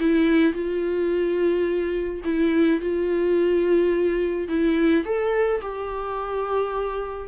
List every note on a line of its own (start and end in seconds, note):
0.00 0.53 E4
0.53 2.21 F4
2.24 2.80 E4
2.80 4.48 F4
4.48 5.04 E4
5.04 5.60 A4
5.61 7.28 G4